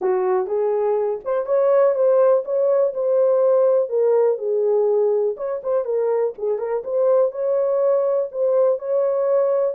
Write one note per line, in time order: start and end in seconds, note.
0.01 0.47 F#4
0.47 1.20 G#4
1.24 1.46 C5
1.46 1.94 C#5
1.94 2.43 C5
2.44 2.93 C#5
2.94 3.89 C5
3.89 4.37 A#4
4.37 5.35 G#4
5.37 5.61 C#5
5.63 5.84 C5
5.84 6.33 A#4
6.37 6.58 G#4
6.58 6.82 A#4
6.83 7.31 C5
7.31 8.29 C#5
8.31 8.78 C5
8.78 9.74 C#5